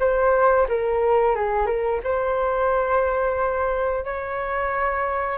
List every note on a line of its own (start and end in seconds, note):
0.00 0.67 C5
0.69 1.36 A#4
1.36 1.67 G#4
1.67 2.00 A#4
2.04 4.05 C5
4.05 5.38 C#5